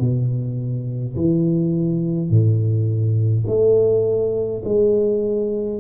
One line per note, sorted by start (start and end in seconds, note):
0.00 1.15 B2
1.16 2.30 E3
2.30 3.45 A2
3.47 4.62 A3
4.65 5.80 G#3